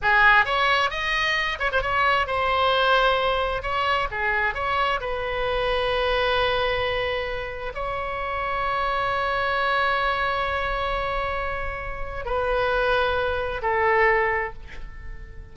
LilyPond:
\new Staff \with { instrumentName = "oboe" } { \time 4/4 \tempo 4 = 132 gis'4 cis''4 dis''4. cis''16 c''16 | cis''4 c''2. | cis''4 gis'4 cis''4 b'4~ | b'1~ |
b'4 cis''2.~ | cis''1~ | cis''2. b'4~ | b'2 a'2 | }